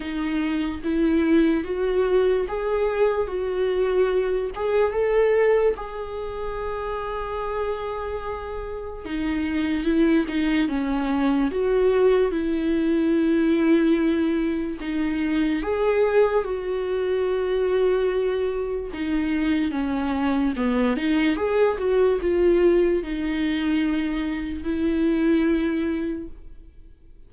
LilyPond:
\new Staff \with { instrumentName = "viola" } { \time 4/4 \tempo 4 = 73 dis'4 e'4 fis'4 gis'4 | fis'4. gis'8 a'4 gis'4~ | gis'2. dis'4 | e'8 dis'8 cis'4 fis'4 e'4~ |
e'2 dis'4 gis'4 | fis'2. dis'4 | cis'4 b8 dis'8 gis'8 fis'8 f'4 | dis'2 e'2 | }